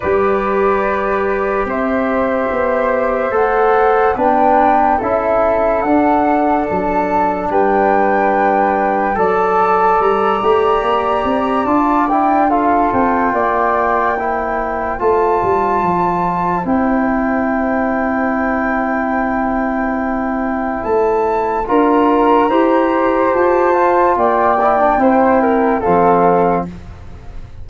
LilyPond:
<<
  \new Staff \with { instrumentName = "flute" } { \time 4/4 \tempo 4 = 72 d''2 e''2 | fis''4 g''4 e''4 fis''4 | a''4 g''2 a''4 | ais''2 a''8 g''8 f''8 g''8~ |
g''2 a''2 | g''1~ | g''4 a''4 ais''2 | a''4 g''2 f''4 | }
  \new Staff \with { instrumentName = "flute" } { \time 4/4 b'2 c''2~ | c''4 b'4 a'2~ | a'4 b'2 d''4~ | d''2. a'4 |
d''4 c''2.~ | c''1~ | c''2 ais'4 c''4~ | c''4 d''4 c''8 ais'8 a'4 | }
  \new Staff \with { instrumentName = "trombone" } { \time 4/4 g'1 | a'4 d'4 e'4 d'4~ | d'2. a'4~ | a'8 g'4. f'8 e'8 f'4~ |
f'4 e'4 f'2 | e'1~ | e'2 f'4 g'4~ | g'8 f'4 e'16 d'16 e'4 c'4 | }
  \new Staff \with { instrumentName = "tuba" } { \time 4/4 g2 c'4 b4 | a4 b4 cis'4 d'4 | fis4 g2 fis4 | g8 a8 ais8 c'8 d'4. c'8 |
ais2 a8 g8 f4 | c'1~ | c'4 a4 d'4 e'4 | f'4 ais4 c'4 f4 | }
>>